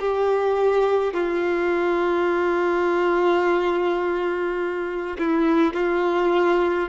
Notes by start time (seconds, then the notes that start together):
0.00 G4
1.14 F4
5.19 E4
5.74 F4